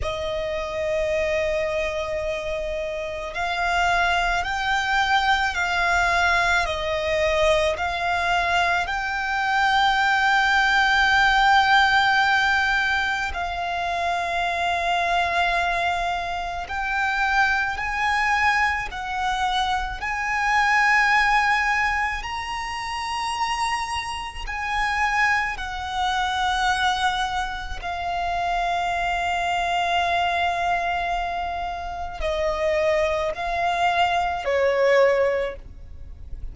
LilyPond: \new Staff \with { instrumentName = "violin" } { \time 4/4 \tempo 4 = 54 dis''2. f''4 | g''4 f''4 dis''4 f''4 | g''1 | f''2. g''4 |
gis''4 fis''4 gis''2 | ais''2 gis''4 fis''4~ | fis''4 f''2.~ | f''4 dis''4 f''4 cis''4 | }